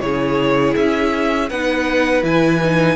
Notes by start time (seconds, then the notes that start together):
0.00 C#3 E4 G#4 C#5
0.76 C#4 E5
1.49 B3 D#4 B4 F#5
2.23 E3 E4 G#5
2.63 D#4